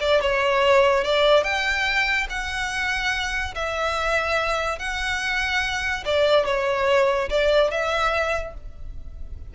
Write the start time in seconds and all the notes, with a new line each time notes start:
0.00 D5
0.21 C#5
1.04 D5
1.44 G5
2.29 F#5
3.55 E5
4.79 F#5
6.05 D5
6.46 C#5
7.30 D5
7.71 E5